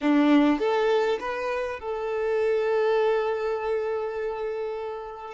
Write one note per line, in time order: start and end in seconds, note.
0.01 0.59 D4
0.59 1.18 A4
1.20 1.79 B4
1.79 5.34 A4